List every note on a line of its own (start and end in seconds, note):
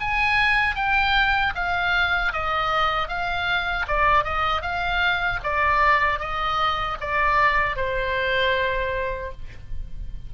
0.00 0.76 G#5
0.76 1.54 G5
1.55 2.33 F5
2.33 3.09 D#5
3.09 3.86 F5
3.87 4.24 D5
4.24 4.62 D#5
4.62 5.39 F5
5.43 6.19 D5
6.19 6.97 D#5
7.01 7.76 D5
7.76 9.32 C5